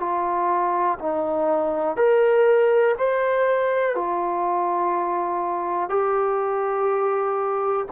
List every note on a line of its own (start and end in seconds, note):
0.00 0.98 F4
0.99 1.97 D#4
1.97 2.96 A#4
2.98 3.95 C5
3.95 5.90 F4
5.90 7.86 G4